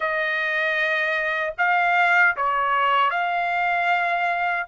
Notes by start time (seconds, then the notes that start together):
0.00 D#5
1.58 F5
2.36 C#5
3.10 F5